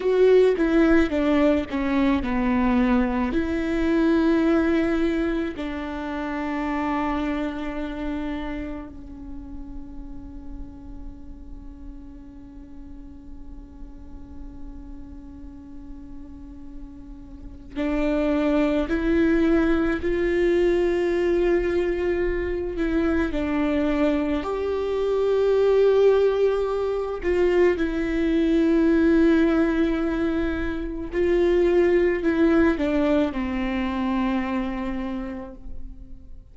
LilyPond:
\new Staff \with { instrumentName = "viola" } { \time 4/4 \tempo 4 = 54 fis'8 e'8 d'8 cis'8 b4 e'4~ | e'4 d'2. | cis'1~ | cis'1 |
d'4 e'4 f'2~ | f'8 e'8 d'4 g'2~ | g'8 f'8 e'2. | f'4 e'8 d'8 c'2 | }